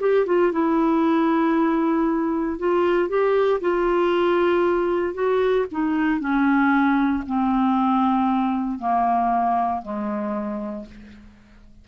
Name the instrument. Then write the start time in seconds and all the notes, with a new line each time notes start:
clarinet
0.00 G4
0.26 F4
0.52 E4
2.59 F4
3.08 G4
3.61 F4
5.14 F#4
5.72 D#4
6.20 C#4
7.26 C4
8.79 A#3
9.82 G#3